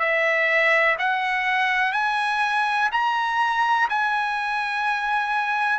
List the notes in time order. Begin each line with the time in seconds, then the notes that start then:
0.00 E5
0.99 F#5
1.93 G#5
2.93 A#5
3.90 G#5